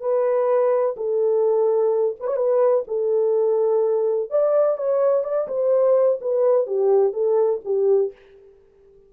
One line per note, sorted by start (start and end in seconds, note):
0.00 0.95 B4
0.96 2.15 A4
2.19 2.27 B4
2.27 2.36 C#5
2.36 2.84 B4
2.87 4.30 A4
4.30 4.77 D5
4.77 5.23 C#5
5.23 5.47 D5
5.47 6.19 C5
6.20 6.66 B4
6.66 7.13 G4
7.13 7.60 A4
7.64 8.12 G4